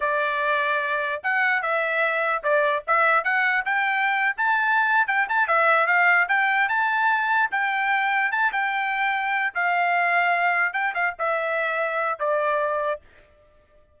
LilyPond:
\new Staff \with { instrumentName = "trumpet" } { \time 4/4 \tempo 4 = 148 d''2. fis''4 | e''2 d''4 e''4 | fis''4 g''4.~ g''16 a''4~ a''16~ | a''8 g''8 a''8 e''4 f''4 g''8~ |
g''8 a''2 g''4.~ | g''8 a''8 g''2~ g''8 f''8~ | f''2~ f''8 g''8 f''8 e''8~ | e''2 d''2 | }